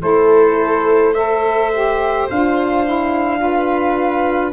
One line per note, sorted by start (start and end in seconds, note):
0.00 2.28 A3
0.00 1.13 E4
0.00 1.12 A4
0.00 1.13 C5
1.12 1.71 A4
1.12 3.38 C5
1.12 2.27 E5
1.72 2.29 G4
2.29 4.52 D4
2.29 2.85 F4
2.29 4.52 F5
2.85 3.37 E4
3.37 4.51 F4
3.37 4.52 B4